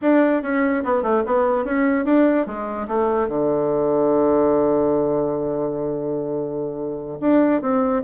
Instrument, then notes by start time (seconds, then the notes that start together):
bassoon
0.01 D4
0.42 C#4
0.83 B3
1.02 A3
1.26 B3
1.64 C#4
2.05 D4
2.46 G#3
2.87 A3
3.28 D3
7.20 D4
7.61 C4